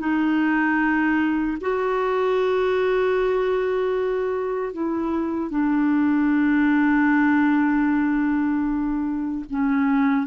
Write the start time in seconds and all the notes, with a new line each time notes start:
0.00 D#4
1.61 F#4
4.73 E4
5.50 D4
9.50 C#4